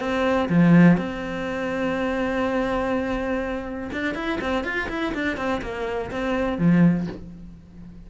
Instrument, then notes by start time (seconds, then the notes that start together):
cello
0.00 C4
0.49 F3
0.97 C4
3.92 D4
4.15 E4
4.41 C4
4.64 F4
4.89 E4
5.14 D4
5.37 C4
5.62 A#3
6.11 C4
6.58 F3